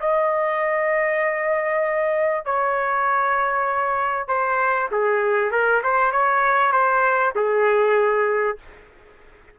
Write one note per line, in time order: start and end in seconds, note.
0.00 2.45 D#5
2.45 4.27 C#5
4.27 4.89 C5
4.91 5.51 G#4
5.51 5.82 A#4
5.83 6.11 C5
6.11 6.72 C#5
6.72 7.33 C5
7.35 8.57 G#4